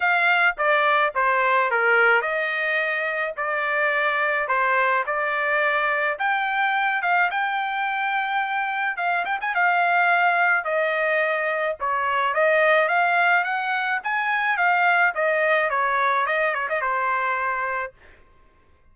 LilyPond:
\new Staff \with { instrumentName = "trumpet" } { \time 4/4 \tempo 4 = 107 f''4 d''4 c''4 ais'4 | dis''2 d''2 | c''4 d''2 g''4~ | g''8 f''8 g''2. |
f''8 g''16 gis''16 f''2 dis''4~ | dis''4 cis''4 dis''4 f''4 | fis''4 gis''4 f''4 dis''4 | cis''4 dis''8 cis''16 dis''16 c''2 | }